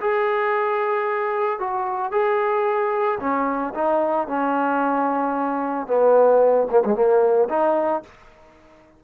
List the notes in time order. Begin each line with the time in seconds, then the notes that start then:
0.00 G#4
1.59 F#4
2.11 G#4
3.20 C#4
3.74 D#4
4.27 C#4
5.87 B3
6.70 A#3
6.84 G#3
6.94 A#3
7.49 D#4